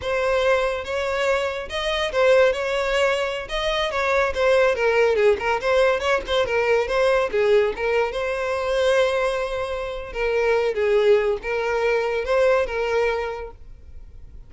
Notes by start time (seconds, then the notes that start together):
0.01 C5
0.84 C#5
1.69 D#5
2.12 C5
2.52 C#5
3.48 D#5
3.91 C#5
4.34 C5
4.75 A#4
5.15 G#4
5.39 A#4
5.60 C5
6.00 C#5
6.26 C5
6.46 A#4
6.87 C5
7.31 G#4
7.75 A#4
8.12 C5
10.12 A#4
10.74 G#4
11.42 A#4
12.24 C5
12.66 A#4